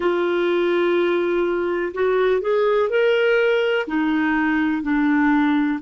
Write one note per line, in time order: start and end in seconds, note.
0.00 1.93 F4
1.94 2.41 F#4
2.41 2.89 G#4
2.89 3.86 A#4
3.87 4.82 D#4
4.82 5.79 D4